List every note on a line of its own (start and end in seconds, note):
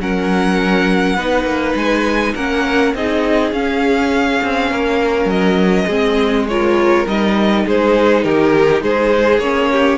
0.00 1.18 F#3
0.00 1.18 C#4
0.00 1.16 A#4
0.00 1.76 F#5
1.16 1.45 B3
1.16 2.37 D#4
1.16 2.34 B4
1.45 1.74 A#3
1.76 2.35 G#3
1.76 2.35 G#5
2.35 2.94 A#3
2.35 2.96 C#4
2.35 2.94 A#4
2.35 2.95 F#5
2.94 3.52 C4
2.94 3.54 D#4
2.94 4.71 G#4
2.94 3.53 D#5
3.52 4.41 C#4
3.52 5.90 C#4
3.52 5.30 F5
4.43 4.72 C4
4.71 5.26 A#3
4.71 5.86 A#4
5.26 5.85 F#3
5.26 6.48 D#5
5.86 7.06 G#3
5.86 6.49 C4
5.86 6.45 G#4
6.48 7.07 F4
6.48 7.66 A#4
6.48 7.07 C#5
7.07 7.66 G3
7.07 9.42 D#4
7.07 7.67 D#5
7.66 8.25 G#3
7.66 8.25 G#4
7.66 8.24 C5
8.24 8.82 D#3
8.24 8.84 G4
8.24 8.83 A#4
8.82 9.39 G#3
8.82 9.72 G#4
8.82 9.40 C5
9.39 9.97 A#3
9.39 9.99 C#4
9.39 9.99 C#5
9.72 9.99 G4